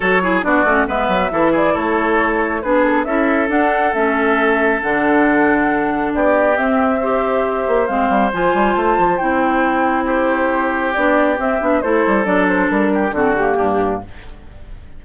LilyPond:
<<
  \new Staff \with { instrumentName = "flute" } { \time 4/4 \tempo 4 = 137 cis''4 d''4 e''4. d''8 | cis''2 b'8 a'8 e''4 | fis''4 e''2 fis''4~ | fis''2 d''4 e''4~ |
e''2 f''4 gis''4 | a''4 g''2 c''4~ | c''4 d''4 e''4 c''4 | d''8 c''8 ais'4 a'8 g'4. | }
  \new Staff \with { instrumentName = "oboe" } { \time 4/4 a'8 gis'8 fis'4 b'4 a'8 gis'8 | a'2 gis'4 a'4~ | a'1~ | a'2 g'2 |
c''1~ | c''2. g'4~ | g'2. a'4~ | a'4. g'8 fis'4 d'4 | }
  \new Staff \with { instrumentName = "clarinet" } { \time 4/4 fis'8 e'8 d'8 cis'8 b4 e'4~ | e'2 d'4 e'4 | d'4 cis'2 d'4~ | d'2. c'4 |
g'2 c'4 f'4~ | f'4 e'2.~ | e'4 d'4 c'8 d'8 e'4 | d'2 c'8 ais4. | }
  \new Staff \with { instrumentName = "bassoon" } { \time 4/4 fis4 b8 a8 gis8 fis8 e4 | a2 b4 cis'4 | d'4 a2 d4~ | d2 b4 c'4~ |
c'4. ais8 gis8 g8 f8 g8 | a8 f8 c'2.~ | c'4 b4 c'8 b8 a8 g8 | fis4 g4 d4 g,4 | }
>>